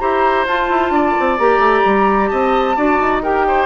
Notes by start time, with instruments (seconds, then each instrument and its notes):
0.00 bassoon E4, clarinet G4, oboe C5, flute A#5
0.46 bassoon F4, clarinet F4, flute A5
0.70 bassoon E4
0.90 bassoon D4, oboe D5
1.20 bassoon C4
1.39 bassoon A#3, clarinet G4, flute A#5
1.59 bassoon A3
1.86 bassoon G3
2.27 bassoon C4, oboe D#5, flute A5
2.76 bassoon D4, clarinet F#4, oboe D5
3.00 bassoon D#4
3.23 clarinet G4, oboe A#4, flute G5
3.48 oboe C5